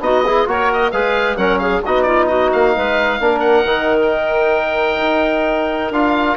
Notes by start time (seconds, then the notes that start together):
0.00 B3 D#4 F#4 D#5
0.26 E4 G#4
0.46 A#3 F#4 A#4 C#5
0.73 D#5
0.91 G#3 G#4 B4 F5
1.37 F#3 C#4 A#4 F#5
1.59 G#4 F5
1.84 B3 D#4 F#4 D#5
2.02 F4 D5
2.28 F#4 D#5
2.53 A#3 F5
2.75 G#3 B4
3.20 A#3 D4 A#4
3.40 F#5
3.65 D#3 D#4
4.02 G5
5.01 D#4
5.91 D4 F4 F5